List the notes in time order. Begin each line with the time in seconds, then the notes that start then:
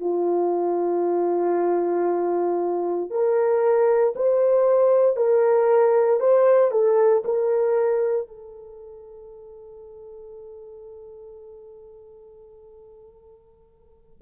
0.00 F4
3.10 A#4
4.15 C5
5.16 A#4
6.20 C5
6.71 A4
7.25 A#4
8.28 A4